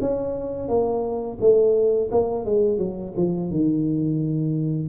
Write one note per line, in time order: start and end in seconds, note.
0.00 0.68 C#4
0.68 1.38 A#3
1.40 2.10 A3
2.11 2.45 A#3
2.45 2.78 G#3
2.78 3.13 F#3
3.16 3.50 F3
3.50 4.88 D#3